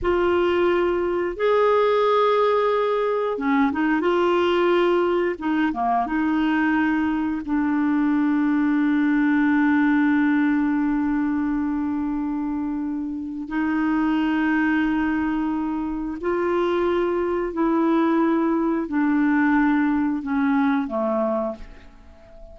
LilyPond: \new Staff \with { instrumentName = "clarinet" } { \time 4/4 \tempo 4 = 89 f'2 gis'2~ | gis'4 cis'8 dis'8 f'2 | dis'8 ais8 dis'2 d'4~ | d'1~ |
d'1 | dis'1 | f'2 e'2 | d'2 cis'4 a4 | }